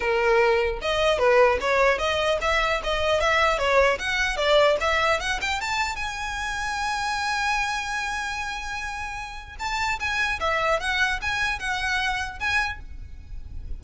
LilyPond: \new Staff \with { instrumentName = "violin" } { \time 4/4 \tempo 4 = 150 ais'2 dis''4 b'4 | cis''4 dis''4 e''4 dis''4 | e''4 cis''4 fis''4 d''4 | e''4 fis''8 g''8 a''4 gis''4~ |
gis''1~ | gis''1 | a''4 gis''4 e''4 fis''4 | gis''4 fis''2 gis''4 | }